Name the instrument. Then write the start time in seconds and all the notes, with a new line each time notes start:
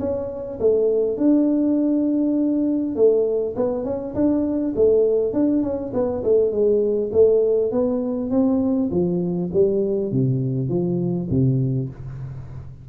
tuba
0.00 C#4
0.60 A3
1.18 D4
2.96 A3
3.56 B3
3.85 C#4
4.15 D4
4.76 A3
5.34 D4
5.63 C#4
5.94 B3
6.24 A3
6.52 G#3
7.13 A3
7.72 B3
8.31 C4
8.91 F3
9.53 G3
10.12 C3
10.69 F3
11.30 C3